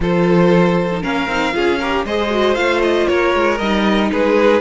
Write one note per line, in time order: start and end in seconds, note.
0.00 1.02 F3
0.00 0.90 F4
0.00 1.02 A4
0.00 1.03 C5
0.91 1.02 D#4
1.02 1.27 A#3
1.02 1.28 C#4
1.02 1.54 A#4
1.02 2.05 F5
1.27 1.53 C4
1.27 1.52 D#4
1.52 2.05 C#4
1.52 1.78 F4
1.52 1.79 G#4
1.79 2.07 G4
1.79 2.05 A#4
2.05 2.56 G#3
2.05 2.30 G#4
2.05 3.08 C5
2.05 2.55 D#5
2.30 2.55 F#4
2.55 3.07 A3
2.55 3.58 F4
2.55 2.81 F5
2.82 3.07 D#5
3.07 3.34 A#3
3.07 4.11 A#4
3.07 3.58 C#5
3.34 3.59 G#3
3.58 4.10 G3
3.58 4.61 D#4
3.58 4.09 D#5
4.11 4.61 G#3
4.11 4.61 G#4
4.11 4.61 B4